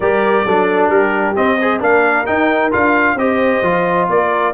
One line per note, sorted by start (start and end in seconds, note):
0.00 0.44 G3
0.00 0.47 G4
0.00 0.45 A#4
0.00 0.89 D5
0.45 0.89 F#3
0.45 1.35 D4
0.45 0.89 A4
0.89 1.34 G3
0.89 1.57 G4
0.89 1.34 A#4
1.35 1.58 C4
1.35 1.82 C4
1.35 1.81 D#5
1.60 1.80 G#4
1.60 1.80 C5
1.80 2.27 A#3
1.80 2.25 D4
1.80 3.16 A#4
1.80 2.26 F5
2.26 2.71 D#4
2.26 2.74 D#4
2.26 2.71 G5
2.71 3.15 D4
2.71 3.16 F4
2.71 3.17 F5
3.15 3.60 C4
3.15 3.64 G4
3.15 4.11 C5
3.15 4.08 D#5
3.62 4.08 F3
3.62 4.54 F4
4.09 4.54 A#3
4.09 4.54 A#4
4.09 4.54 D5